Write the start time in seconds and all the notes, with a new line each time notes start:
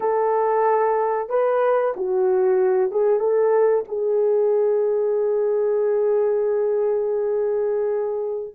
0.00 A4
1.29 B4
1.96 F#4
2.91 G#4
3.19 A4
3.88 G#4